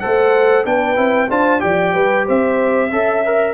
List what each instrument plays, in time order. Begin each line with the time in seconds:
0.00 tuba A3, trombone A4, horn C5, trumpet F#5
0.65 tuba B3, trombone D4, horn B4, trumpet G5
0.96 tuba C4, trombone E4
1.29 tuba D4, trombone F4, horn C5, trumpet A5
1.60 tuba F3, trombone G4, horn D5, trumpet G5
1.94 tuba G3, horn B4
2.25 tuba C4, horn C5, trumpet E5
2.91 tuba C#4, trombone A4, horn E5
3.25 trombone A#4